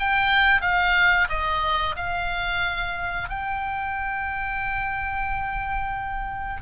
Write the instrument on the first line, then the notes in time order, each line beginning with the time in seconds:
oboe
0.00 G5
0.62 F5
1.29 D#5
1.96 F5
3.29 G5